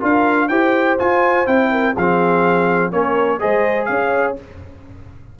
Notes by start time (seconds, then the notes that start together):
0.00 D4 F4 A#4 F5
0.49 E4 G4 C5 G5
0.99 F4 G#5
1.46 C4 E4 G5
1.72 A#4
1.94 F3 G#4 F5
2.00 C4
2.92 A#3 C#4 A#4 C#5
3.40 G#3 G#4 C5 D#5
3.85 C#4 F5
3.91 C#5